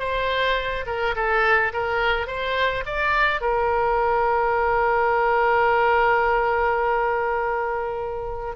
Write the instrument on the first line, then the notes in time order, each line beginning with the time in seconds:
oboe
0.00 C5
0.87 A#4
1.16 A4
1.73 A#4
2.28 C5
2.86 D5
3.42 A#4